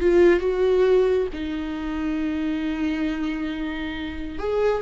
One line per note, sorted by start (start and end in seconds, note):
0.00 0.40 F4
0.40 1.27 F#4
1.33 4.39 D#4
4.39 4.82 G#4